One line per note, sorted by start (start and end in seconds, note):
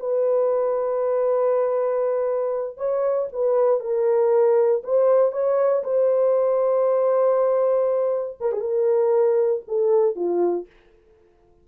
0.00 2.77 B4
2.77 3.28 C#5
3.33 3.80 B4
3.80 4.82 A#4
4.84 5.32 C5
5.32 5.83 C#5
5.84 8.38 C5
8.41 8.52 A#4
8.52 8.61 G#4
8.61 9.62 A#4
9.68 10.16 A4
10.16 10.67 F4